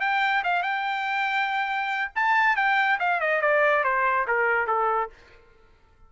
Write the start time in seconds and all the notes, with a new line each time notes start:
0.00 G5
0.44 F5
0.62 G5
2.15 A5
2.56 G5
2.99 F5
3.20 D#5
3.41 D5
3.83 C5
4.27 A#4
4.67 A4